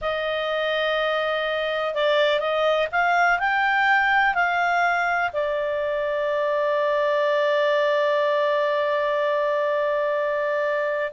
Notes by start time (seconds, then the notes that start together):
0.01 D#5
1.94 D5
2.39 D#5
2.91 F5
3.39 G5
4.34 F5
5.32 D5